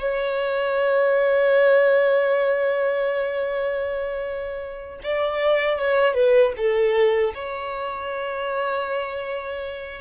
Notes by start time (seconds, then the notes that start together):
0.00 C#5
5.03 D5
5.79 C#5
6.15 B4
6.57 A4
7.35 C#5